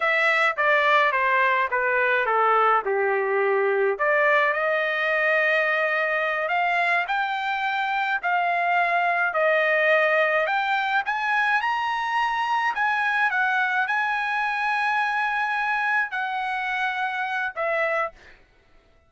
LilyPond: \new Staff \with { instrumentName = "trumpet" } { \time 4/4 \tempo 4 = 106 e''4 d''4 c''4 b'4 | a'4 g'2 d''4 | dis''2.~ dis''8 f''8~ | f''8 g''2 f''4.~ |
f''8 dis''2 g''4 gis''8~ | gis''8 ais''2 gis''4 fis''8~ | fis''8 gis''2.~ gis''8~ | gis''8 fis''2~ fis''8 e''4 | }